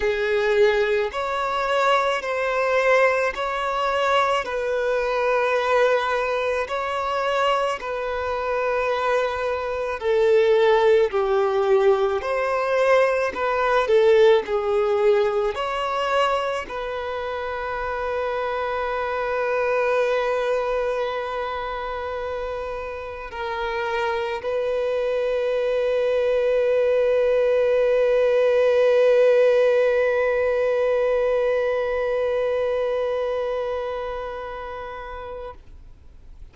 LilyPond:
\new Staff \with { instrumentName = "violin" } { \time 4/4 \tempo 4 = 54 gis'4 cis''4 c''4 cis''4 | b'2 cis''4 b'4~ | b'4 a'4 g'4 c''4 | b'8 a'8 gis'4 cis''4 b'4~ |
b'1~ | b'4 ais'4 b'2~ | b'1~ | b'1 | }